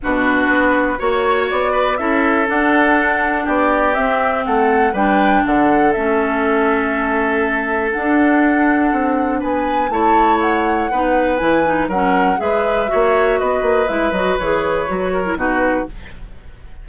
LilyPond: <<
  \new Staff \with { instrumentName = "flute" } { \time 4/4 \tempo 4 = 121 b'2 cis''4 d''4 | e''4 fis''2 d''4 | e''4 fis''4 g''4 fis''4 | e''1 |
fis''2. gis''4 | a''4 fis''2 gis''4 | fis''4 e''2 dis''4 | e''8 dis''8 cis''2 b'4 | }
  \new Staff \with { instrumentName = "oboe" } { \time 4/4 fis'2 cis''4. b'8 | a'2. g'4~ | g'4 a'4 b'4 a'4~ | a'1~ |
a'2. b'4 | cis''2 b'2 | ais'4 b'4 cis''4 b'4~ | b'2~ b'8 ais'8 fis'4 | }
  \new Staff \with { instrumentName = "clarinet" } { \time 4/4 d'2 fis'2 | e'4 d'2. | c'2 d'2 | cis'1 |
d'1 | e'2 dis'4 e'8 dis'8 | cis'4 gis'4 fis'2 | e'8 fis'8 gis'4 fis'8. e'16 dis'4 | }
  \new Staff \with { instrumentName = "bassoon" } { \time 4/4 b,4 b4 ais4 b4 | cis'4 d'2 b4 | c'4 a4 g4 d4 | a1 |
d'2 c'4 b4 | a2 b4 e4 | fis4 gis4 ais4 b8 ais8 | gis8 fis8 e4 fis4 b,4 | }
>>